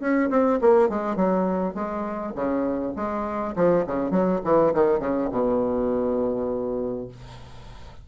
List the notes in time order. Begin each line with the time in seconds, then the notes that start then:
0.00 C#4
0.30 C4
0.61 A#3
0.89 G#3
1.16 F#3
1.74 G#3
2.35 C#3
2.96 G#3
3.56 F3
3.87 C#3
4.11 F#3
4.44 E3
4.74 D#3
5.00 C#3
5.31 B2